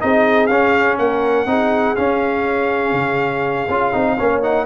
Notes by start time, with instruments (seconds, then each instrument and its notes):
0.00 tuba C4, trombone D#4, horn G#4, trumpet D#5
0.47 tuba C#4, trombone C#4, trumpet F5
0.99 tuba A#3, horn A#4, trumpet F#5
1.46 tuba C4, trombone D#4, horn G#4
1.96 trombone C#4, tuba C#4, trumpet F5
2.93 tuba C#3
3.69 tuba C#4, trombone F4
3.93 tuba C4, trombone D#4
4.17 tuba A#3, trombone C#4, horn C#5
4.42 trombone D#4, trumpet F#5